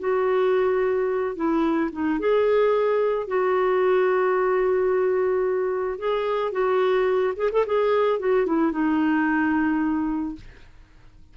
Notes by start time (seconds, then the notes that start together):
0.00 F#4
1.36 E4
1.93 D#4
2.20 G#4
3.28 F#4
5.99 G#4
6.52 F#4
7.37 G#4
7.52 A4
7.67 G#4
8.20 F#4
8.46 E4
8.72 D#4